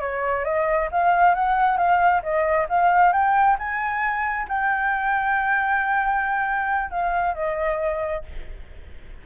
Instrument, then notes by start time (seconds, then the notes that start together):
flute
0.00 C#5
0.44 D#5
0.91 F5
1.35 F#5
1.77 F5
2.22 D#5
2.69 F5
3.12 G5
3.58 G#5
4.48 G5
6.90 F5
7.34 D#5